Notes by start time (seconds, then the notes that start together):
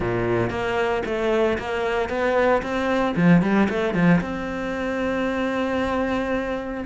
0.00 A#2
0.50 A#3
1.05 A3
1.58 A#3
2.09 B3
2.62 C4
3.16 F3
3.41 G3
3.69 A3
3.94 F3
4.20 C4